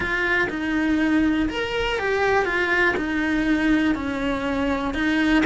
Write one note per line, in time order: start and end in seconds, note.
0.00 0.48 F4
0.49 1.49 D#4
1.49 1.98 A#4
1.98 2.45 G4
2.45 2.94 F4
2.97 3.94 D#4
3.94 4.94 C#4
4.94 5.43 D#4